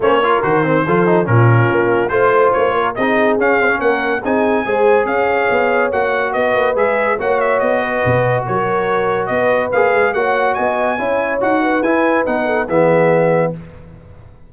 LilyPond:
<<
  \new Staff \with { instrumentName = "trumpet" } { \time 4/4 \tempo 4 = 142 cis''4 c''2 ais'4~ | ais'4 c''4 cis''4 dis''4 | f''4 fis''4 gis''2 | f''2 fis''4 dis''4 |
e''4 fis''8 e''8 dis''2 | cis''2 dis''4 f''4 | fis''4 gis''2 fis''4 | gis''4 fis''4 e''2 | }
  \new Staff \with { instrumentName = "horn" } { \time 4/4 c''8 ais'4. a'4 f'4~ | f'4 c''4. ais'8 gis'4~ | gis'4 ais'4 gis'4 c''4 | cis''2. b'4~ |
b'4 cis''4. b'4. | ais'2 b'2 | cis''4 dis''4 cis''4. b'8~ | b'4. a'8 gis'2 | }
  \new Staff \with { instrumentName = "trombone" } { \time 4/4 cis'8 f'8 fis'8 c'8 f'8 dis'8 cis'4~ | cis'4 f'2 dis'4 | cis'8 c'16 cis'4~ cis'16 dis'4 gis'4~ | gis'2 fis'2 |
gis'4 fis'2.~ | fis'2. gis'4 | fis'2 e'4 fis'4 | e'4 dis'4 b2 | }
  \new Staff \with { instrumentName = "tuba" } { \time 4/4 ais4 dis4 f4 ais,4 | ais4 a4 ais4 c'4 | cis'4 ais4 c'4 gis4 | cis'4 b4 ais4 b8 ais8 |
gis4 ais4 b4 b,4 | fis2 b4 ais8 gis8 | ais4 b4 cis'4 dis'4 | e'4 b4 e2 | }
>>